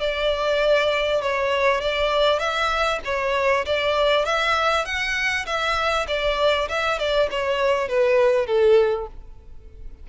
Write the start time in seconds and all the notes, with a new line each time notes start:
0.00 D5
1.21 C#5
1.80 D5
2.39 E5
3.04 C#5
3.65 D5
4.25 E5
4.85 F#5
5.46 E5
6.07 D5
6.69 E5
6.99 D5
7.31 C#5
7.88 B4
8.46 A4